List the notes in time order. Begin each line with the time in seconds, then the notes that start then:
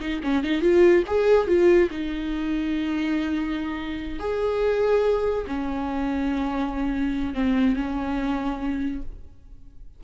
0.00 D#4
0.24 C#4
0.44 D#4
0.61 F4
1.07 G#4
1.47 F4
1.91 D#4
4.19 G#4
5.47 C#4
7.34 C4
7.76 C#4